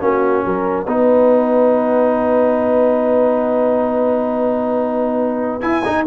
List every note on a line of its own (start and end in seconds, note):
0.00 0.45 A#3
0.00 0.86 C#4
0.00 0.45 F#4
0.00 5.61 F#5
0.45 0.86 F#3
0.45 0.87 A#4
0.86 5.61 B3
0.86 5.61 D#4
0.86 6.05 B4
5.61 5.82 E4
5.61 5.84 E4
5.61 6.04 G#5
5.84 6.06 D#4
5.84 6.07 D#4